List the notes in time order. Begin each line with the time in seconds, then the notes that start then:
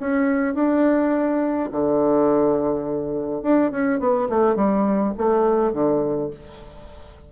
0.00 C#4
0.54 D4
1.72 D3
3.42 D4
3.71 C#4
3.99 B3
4.29 A3
4.56 G3
5.17 A3
5.73 D3